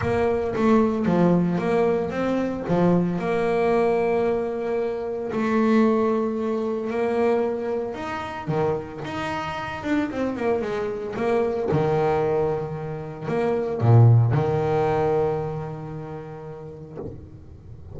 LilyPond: \new Staff \with { instrumentName = "double bass" } { \time 4/4 \tempo 4 = 113 ais4 a4 f4 ais4 | c'4 f4 ais2~ | ais2 a2~ | a4 ais2 dis'4 |
dis4 dis'4. d'8 c'8 ais8 | gis4 ais4 dis2~ | dis4 ais4 ais,4 dis4~ | dis1 | }